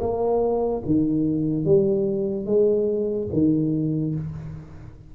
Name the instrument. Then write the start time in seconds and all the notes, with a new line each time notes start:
tuba
0.00 A#3
0.85 D#3
1.65 G3
2.45 G#3
3.33 D#3